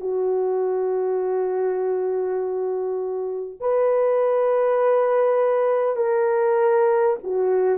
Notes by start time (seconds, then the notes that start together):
0.00 F#4
3.61 B4
5.96 A#4
7.23 F#4